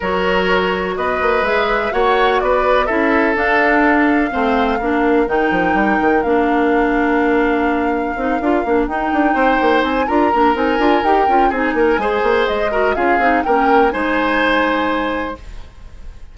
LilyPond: <<
  \new Staff \with { instrumentName = "flute" } { \time 4/4 \tempo 4 = 125 cis''2 dis''4 e''4 | fis''4 d''4 e''4 f''4~ | f''2. g''4~ | g''4 f''2.~ |
f''2~ f''8 g''4.~ | g''8 gis''8 ais''4 gis''4 g''4 | gis''2 dis''4 f''4 | g''4 gis''2. | }
  \new Staff \with { instrumentName = "oboe" } { \time 4/4 ais'2 b'2 | cis''4 b'4 a'2~ | a'4 c''4 ais'2~ | ais'1~ |
ais'2.~ ais'8 c''8~ | c''4 ais'2. | gis'8 ais'8 c''4. ais'8 gis'4 | ais'4 c''2. | }
  \new Staff \with { instrumentName = "clarinet" } { \time 4/4 fis'2. gis'4 | fis'2 e'4 d'4~ | d'4 c'4 d'4 dis'4~ | dis'4 d'2.~ |
d'4 dis'8 f'8 d'8 dis'4.~ | dis'4 f'8 d'8 dis'8 f'8 g'8 f'8 | dis'4 gis'4. fis'8 f'8 dis'8 | cis'4 dis'2. | }
  \new Staff \with { instrumentName = "bassoon" } { \time 4/4 fis2 b8 ais8 gis4 | ais4 b4 cis'4 d'4~ | d'4 a4 ais4 dis8 f8 | g8 dis8 ais2.~ |
ais4 c'8 d'8 ais8 dis'8 d'8 c'8 | ais8 c'8 d'8 ais8 c'8 d'8 dis'8 cis'8 | c'8 ais8 gis8 ais8 gis4 cis'8 c'8 | ais4 gis2. | }
>>